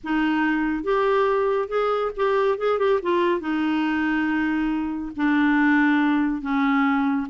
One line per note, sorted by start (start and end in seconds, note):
0.03 0.83 D#4
0.83 1.68 G4
1.68 2.11 G#4
2.16 2.57 G4
2.57 2.78 G#4
2.78 3.00 G4
3.02 3.40 F4
3.40 5.11 D#4
5.16 6.41 D4
6.41 7.27 C#4